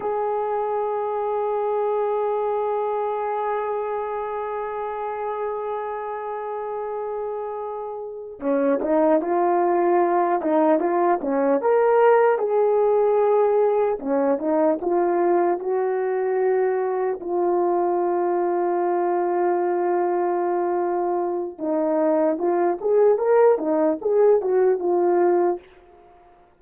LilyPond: \new Staff \with { instrumentName = "horn" } { \time 4/4 \tempo 4 = 75 gis'1~ | gis'1~ | gis'2~ gis'8 cis'8 dis'8 f'8~ | f'4 dis'8 f'8 cis'8 ais'4 gis'8~ |
gis'4. cis'8 dis'8 f'4 fis'8~ | fis'4. f'2~ f'8~ | f'2. dis'4 | f'8 gis'8 ais'8 dis'8 gis'8 fis'8 f'4 | }